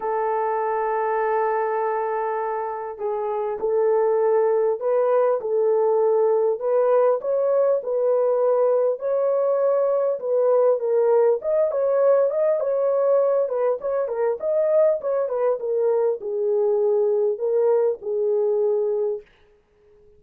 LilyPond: \new Staff \with { instrumentName = "horn" } { \time 4/4 \tempo 4 = 100 a'1~ | a'4 gis'4 a'2 | b'4 a'2 b'4 | cis''4 b'2 cis''4~ |
cis''4 b'4 ais'4 dis''8 cis''8~ | cis''8 dis''8 cis''4. b'8 cis''8 ais'8 | dis''4 cis''8 b'8 ais'4 gis'4~ | gis'4 ais'4 gis'2 | }